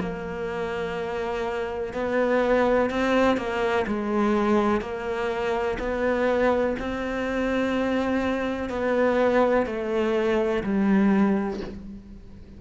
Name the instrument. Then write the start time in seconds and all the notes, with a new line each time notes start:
cello
0.00 A#3
1.93 B3
2.90 C4
3.37 A#3
3.87 G#3
4.81 A#3
5.79 B3
6.79 C4
8.69 B3
9.66 A3
10.63 G3